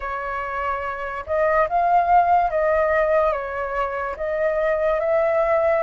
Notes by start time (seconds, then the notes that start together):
0.00 C#5
1.26 D#5
1.69 F5
2.50 D#5
3.32 C#5
4.16 D#5
5.00 E5